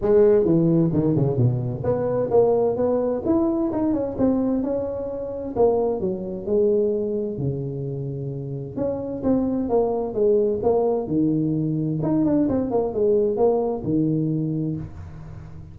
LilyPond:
\new Staff \with { instrumentName = "tuba" } { \time 4/4 \tempo 4 = 130 gis4 e4 dis8 cis8 b,4 | b4 ais4 b4 e'4 | dis'8 cis'8 c'4 cis'2 | ais4 fis4 gis2 |
cis2. cis'4 | c'4 ais4 gis4 ais4 | dis2 dis'8 d'8 c'8 ais8 | gis4 ais4 dis2 | }